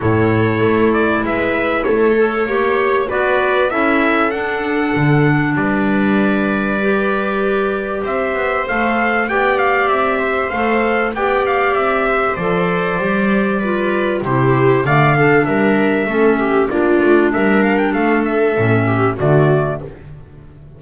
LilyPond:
<<
  \new Staff \with { instrumentName = "trumpet" } { \time 4/4 \tempo 4 = 97 cis''4. d''8 e''4 cis''4~ | cis''4 d''4 e''4 fis''4~ | fis''4 d''2.~ | d''4 e''4 f''4 g''8 f''8 |
e''4 f''4 g''8 f''8 e''4 | d''2. c''4 | f''4 e''2 d''4 | e''8 f''16 g''16 f''8 e''4. d''4 | }
  \new Staff \with { instrumentName = "viola" } { \time 4/4 a'2 b'4 a'4 | cis''4 b'4 a'2~ | a'4 b'2.~ | b'4 c''2 d''4~ |
d''8 c''4. d''4. c''8~ | c''2 b'4 g'4 | d''8 a'8 ais'4 a'8 g'8 f'4 | ais'4 a'4. g'8 fis'4 | }
  \new Staff \with { instrumentName = "clarinet" } { \time 4/4 e'2.~ e'8 a'8 | g'4 fis'4 e'4 d'4~ | d'2. g'4~ | g'2 a'4 g'4~ |
g'4 a'4 g'2 | a'4 g'4 f'4 e'4 | a8 d'4. cis'4 d'4~ | d'2 cis'4 a4 | }
  \new Staff \with { instrumentName = "double bass" } { \time 4/4 a,4 a4 gis4 a4 | ais4 b4 cis'4 d'4 | d4 g2.~ | g4 c'8 b8 a4 b4 |
c'4 a4 b4 c'4 | f4 g2 c4 | d4 g4 a4 ais8 a8 | g4 a4 a,4 d4 | }
>>